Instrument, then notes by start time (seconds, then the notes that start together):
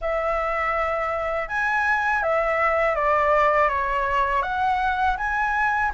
flute
0.01 E5
1.48 G#5
2.22 E5
2.95 D5
3.68 C#5
4.42 F#5
5.17 G#5